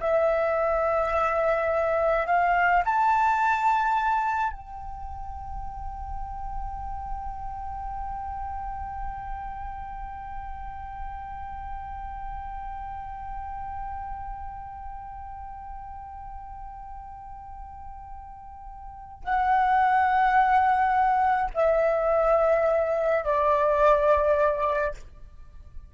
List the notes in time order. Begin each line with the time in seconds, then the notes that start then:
0.00 E5
2.26 F5
2.86 A5
4.52 G5
19.24 F#5
21.54 E5
23.24 D5